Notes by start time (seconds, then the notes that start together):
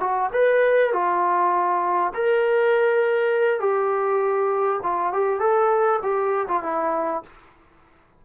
0.00 F#4
0.32 B4
0.92 F4
2.14 A#4
3.60 G4
4.82 F4
5.13 G4
5.39 A4
6.02 G4
6.48 F4
6.62 E4